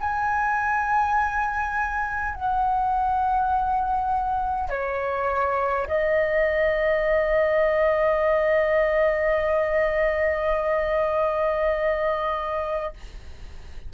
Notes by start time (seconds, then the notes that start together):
0.00 G#5
2.35 F#5
4.69 C#5
5.87 D#5